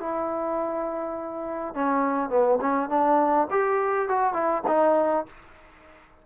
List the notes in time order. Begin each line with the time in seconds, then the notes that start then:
0.00 E4
1.74 C#4
2.30 B3
2.61 C#4
2.89 D4
3.50 G4
4.09 F#4
4.33 E4
4.68 D#4